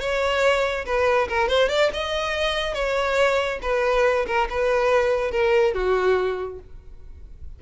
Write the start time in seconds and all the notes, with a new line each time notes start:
0.00 C#5
0.85 B4
1.28 A#4
1.48 C5
1.69 D5
1.93 D#5
2.74 C#5
3.62 B4
4.27 A#4
4.49 B4
5.31 A#4
5.74 F#4